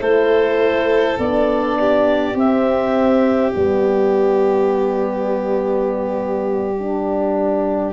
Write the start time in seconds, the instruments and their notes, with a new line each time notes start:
0.00 tuba A3, horn E4, violin A4, clarinet C5
1.18 tuba B3, horn D4, clarinet D5
1.80 violin G4
2.34 tuba C4, horn C4, clarinet E5
3.51 tuba G3, horn B3, clarinet D5
6.79 horn D4